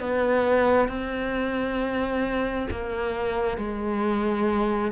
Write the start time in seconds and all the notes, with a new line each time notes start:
0.00 B3
0.88 C4
2.71 A#3
3.58 G#3